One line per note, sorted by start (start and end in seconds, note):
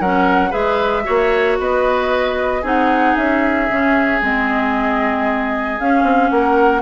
0.00 0.53 F#3
0.00 0.51 C#4
0.00 0.51 A#4
0.00 0.53 F#5
0.51 1.07 G#3
0.51 1.03 G#4
0.51 1.03 B4
0.51 1.58 E5
1.04 1.59 A#3
1.04 2.62 F#4
1.04 1.58 C#5
1.59 2.63 B3
1.59 2.62 B4
1.59 2.65 D#5
2.62 3.16 C4
2.62 3.69 D#4
2.62 6.30 G#4
2.62 3.16 F#5
3.16 3.69 C#4
3.16 4.21 E5
3.69 4.22 C#3
3.69 4.22 C#4
4.22 5.80 G#3
4.22 5.80 C4
4.22 5.80 D#5
5.80 6.03 C#4
5.80 6.82 C#4
5.80 6.30 F5
6.03 6.30 C4
6.30 6.82 A#3
6.30 6.82 A#4
6.30 6.82 F#5